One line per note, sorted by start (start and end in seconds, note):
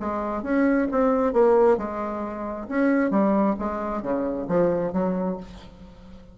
0.00 0.43 G#3
0.43 0.88 C#4
0.92 1.34 C4
1.34 1.78 A#3
1.78 2.67 G#3
2.69 3.11 C#4
3.11 3.56 G3
3.59 4.03 G#3
4.03 4.47 C#3
4.48 4.93 F3
4.93 5.38 F#3